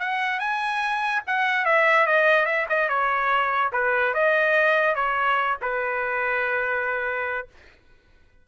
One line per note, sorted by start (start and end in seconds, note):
0.00 0.40 F#5
0.40 1.23 G#5
1.27 1.66 F#5
1.66 2.07 E5
2.07 2.46 D#5
2.46 2.67 E5
2.70 2.89 D#5
2.89 3.72 C#5
3.73 4.14 B4
4.15 4.96 D#5
4.96 5.58 C#5
5.62 7.48 B4